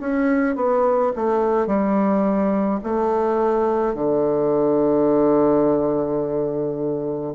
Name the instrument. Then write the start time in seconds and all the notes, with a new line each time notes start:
bassoon
0.00 C#4
0.56 B3
1.16 A3
1.67 G3
2.84 A3
3.94 D3